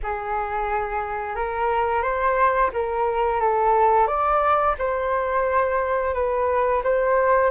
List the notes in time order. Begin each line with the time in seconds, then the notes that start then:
0.02 G#4
1.35 A#4
2.02 C5
2.73 A#4
3.40 A4
4.07 D5
4.78 C5
6.14 B4
6.83 C5